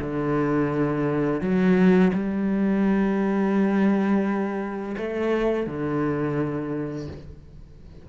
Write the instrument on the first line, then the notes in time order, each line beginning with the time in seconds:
cello
0.00 D3
1.41 F#3
2.13 G3
4.97 A3
5.66 D3